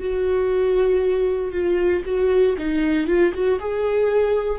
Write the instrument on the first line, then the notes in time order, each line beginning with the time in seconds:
viola
0.00 F#4
1.52 F4
2.05 F#4
2.58 D#4
3.07 F4
3.34 F#4
3.60 G#4